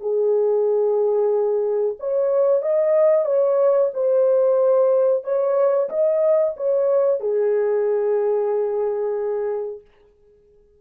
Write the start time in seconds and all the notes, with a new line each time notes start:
0.00 G#4
1.99 C#5
2.62 D#5
3.25 C#5
3.93 C5
5.24 C#5
5.89 D#5
6.56 C#5
7.20 G#4